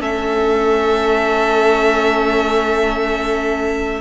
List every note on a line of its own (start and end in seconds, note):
0.00 4.01 A3
0.00 4.01 C#4
0.00 4.01 A4
0.00 4.01 E5